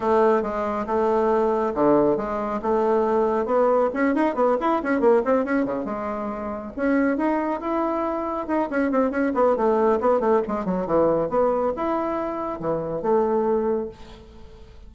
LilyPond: \new Staff \with { instrumentName = "bassoon" } { \time 4/4 \tempo 4 = 138 a4 gis4 a2 | d4 gis4 a2 | b4 cis'8 dis'8 b8 e'8 cis'8 ais8 | c'8 cis'8 cis8 gis2 cis'8~ |
cis'8 dis'4 e'2 dis'8 | cis'8 c'8 cis'8 b8 a4 b8 a8 | gis8 fis8 e4 b4 e'4~ | e'4 e4 a2 | }